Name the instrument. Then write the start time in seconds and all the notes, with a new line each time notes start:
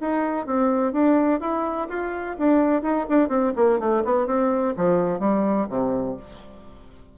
bassoon
0.00 D#4
0.46 C4
0.92 D4
1.40 E4
1.89 F4
2.38 D4
2.82 D#4
3.09 D4
3.28 C4
3.56 A#3
3.79 A3
4.04 B3
4.26 C4
4.76 F3
5.19 G3
5.69 C3